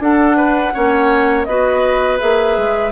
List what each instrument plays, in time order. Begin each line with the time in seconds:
0.00 bassoon D4, clarinet D4, oboe A4, flute F#5
0.37 oboe B4
0.73 bassoon A#3, clarinet C#4, oboe C#5
1.45 bassoon B3, clarinet F#4, oboe B4, flute D#5
2.19 bassoon A#3, clarinet G#4, flute E5
2.57 bassoon G#3